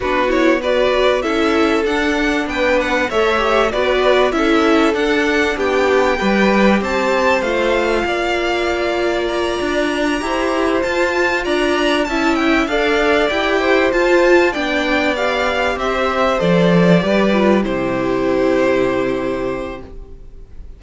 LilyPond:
<<
  \new Staff \with { instrumentName = "violin" } { \time 4/4 \tempo 4 = 97 b'8 cis''8 d''4 e''4 fis''4 | g''8 fis''8 e''4 d''4 e''4 | fis''4 g''2 a''4 | f''2. ais''4~ |
ais''4. a''4 ais''4 a''8 | g''8 f''4 g''4 a''4 g''8~ | g''8 f''4 e''4 d''4.~ | d''8 c''2.~ c''8 | }
  \new Staff \with { instrumentName = "violin" } { \time 4/4 fis'4 b'4 a'2 | b'4 cis''4 b'4 a'4~ | a'4 g'4 b'4 c''4~ | c''4 d''2.~ |
d''8 c''2 d''4 e''8~ | e''8 d''4. c''4. d''8~ | d''4. c''2 b'8~ | b'8 g'2.~ g'8 | }
  \new Staff \with { instrumentName = "viola" } { \time 4/4 d'8 e'8 fis'4 e'4 d'4~ | d'4 a'8 g'8 fis'4 e'4 | d'2 g'2 | f'1~ |
f'8 g'4 f'2 e'8~ | e'8 a'4 g'4 f'4 d'8~ | d'8 g'2 a'4 g'8 | f'8 e'2.~ e'8 | }
  \new Staff \with { instrumentName = "cello" } { \time 4/4 b2 cis'4 d'4 | b4 a4 b4 cis'4 | d'4 b4 g4 c'4 | a4 ais2~ ais8 d'8~ |
d'8 e'4 f'4 d'4 cis'8~ | cis'8 d'4 e'4 f'4 b8~ | b4. c'4 f4 g8~ | g8 c2.~ c8 | }
>>